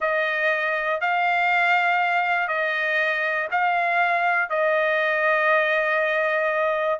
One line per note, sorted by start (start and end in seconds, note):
0.00 1.00 D#5
1.00 2.48 F5
2.48 3.47 D#5
3.51 4.49 F5
4.49 6.99 D#5